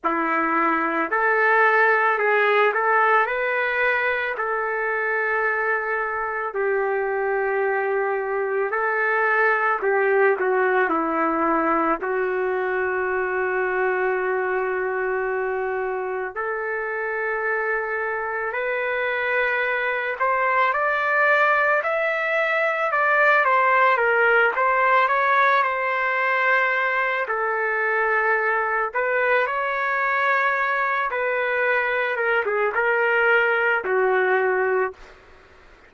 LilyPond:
\new Staff \with { instrumentName = "trumpet" } { \time 4/4 \tempo 4 = 55 e'4 a'4 gis'8 a'8 b'4 | a'2 g'2 | a'4 g'8 fis'8 e'4 fis'4~ | fis'2. a'4~ |
a'4 b'4. c''8 d''4 | e''4 d''8 c''8 ais'8 c''8 cis''8 c''8~ | c''4 a'4. b'8 cis''4~ | cis''8 b'4 ais'16 gis'16 ais'4 fis'4 | }